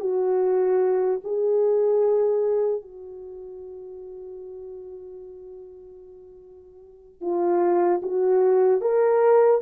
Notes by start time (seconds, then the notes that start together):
0.00 F#4
1.24 G#4
2.82 F#4
7.21 F4
8.03 F#4
8.81 A#4